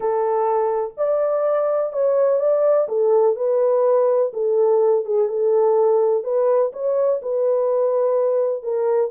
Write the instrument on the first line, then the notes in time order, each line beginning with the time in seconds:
horn
0.00 A4
0.97 D5
1.92 C#5
2.39 D5
2.88 A4
3.36 B4
4.33 A4
5.05 G#4
5.28 A4
6.23 B4
6.72 C#5
7.22 B4
8.62 A#4